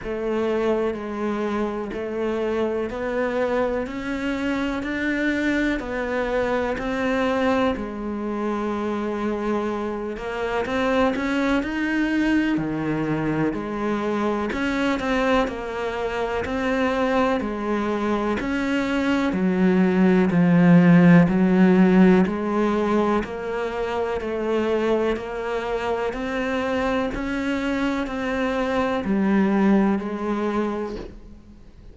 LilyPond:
\new Staff \with { instrumentName = "cello" } { \time 4/4 \tempo 4 = 62 a4 gis4 a4 b4 | cis'4 d'4 b4 c'4 | gis2~ gis8 ais8 c'8 cis'8 | dis'4 dis4 gis4 cis'8 c'8 |
ais4 c'4 gis4 cis'4 | fis4 f4 fis4 gis4 | ais4 a4 ais4 c'4 | cis'4 c'4 g4 gis4 | }